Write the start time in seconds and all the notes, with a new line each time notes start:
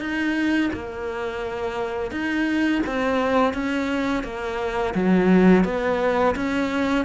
0.00 D#4
0.73 A#3
2.11 D#4
2.86 C4
3.54 C#4
4.24 A#3
4.94 F#3
5.65 B3
6.36 C#4